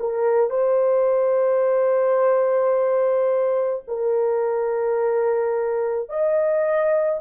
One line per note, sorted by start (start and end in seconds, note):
0.00 0.50 A#4
0.50 3.83 C5
3.88 6.10 A#4
6.10 7.21 D#5